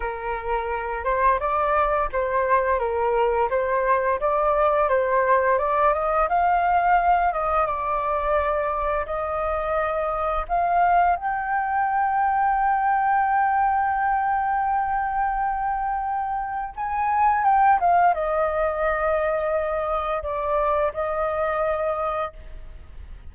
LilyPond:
\new Staff \with { instrumentName = "flute" } { \time 4/4 \tempo 4 = 86 ais'4. c''8 d''4 c''4 | ais'4 c''4 d''4 c''4 | d''8 dis''8 f''4. dis''8 d''4~ | d''4 dis''2 f''4 |
g''1~ | g''1 | gis''4 g''8 f''8 dis''2~ | dis''4 d''4 dis''2 | }